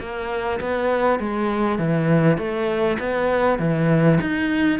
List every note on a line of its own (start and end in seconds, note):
0.00 0.60 A#3
0.61 1.20 B3
1.20 1.79 G#3
1.79 2.38 E3
2.38 2.98 A3
3.00 3.59 B3
3.59 4.19 E3
4.21 4.80 D#4